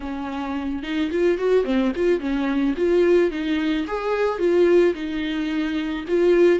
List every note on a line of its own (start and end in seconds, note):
0.00 0.82 C#4
0.82 1.10 D#4
1.11 1.38 F4
1.38 1.64 F#4
1.64 1.91 C4
1.95 2.19 F4
2.19 2.74 C#4
2.76 3.31 F4
3.31 3.86 D#4
3.87 4.38 G#4
4.38 4.93 F4
4.94 6.04 D#4
6.08 6.59 F4